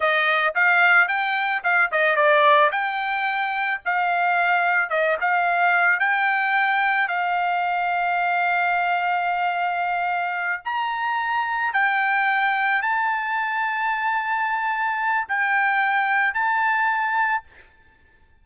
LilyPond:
\new Staff \with { instrumentName = "trumpet" } { \time 4/4 \tempo 4 = 110 dis''4 f''4 g''4 f''8 dis''8 | d''4 g''2 f''4~ | f''4 dis''8 f''4. g''4~ | g''4 f''2.~ |
f''2.~ f''8 ais''8~ | ais''4. g''2 a''8~ | a''1 | g''2 a''2 | }